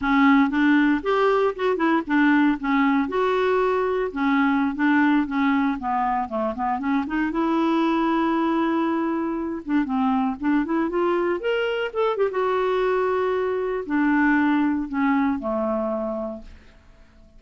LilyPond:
\new Staff \with { instrumentName = "clarinet" } { \time 4/4 \tempo 4 = 117 cis'4 d'4 g'4 fis'8 e'8 | d'4 cis'4 fis'2 | cis'4~ cis'16 d'4 cis'4 b8.~ | b16 a8 b8 cis'8 dis'8 e'4.~ e'16~ |
e'2~ e'8. d'8 c'8.~ | c'16 d'8 e'8 f'4 ais'4 a'8 g'16 | fis'2. d'4~ | d'4 cis'4 a2 | }